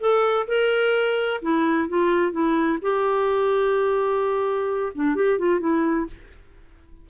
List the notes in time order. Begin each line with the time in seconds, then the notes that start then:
0.00 A4
0.47 A#4
1.42 E4
1.89 F4
2.32 E4
2.82 G4
4.95 D4
5.16 G4
5.38 F4
5.60 E4